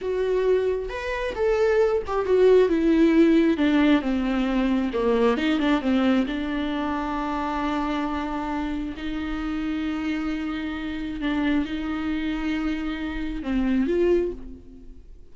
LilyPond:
\new Staff \with { instrumentName = "viola" } { \time 4/4 \tempo 4 = 134 fis'2 b'4 a'4~ | a'8 g'8 fis'4 e'2 | d'4 c'2 ais4 | dis'8 d'8 c'4 d'2~ |
d'1 | dis'1~ | dis'4 d'4 dis'2~ | dis'2 c'4 f'4 | }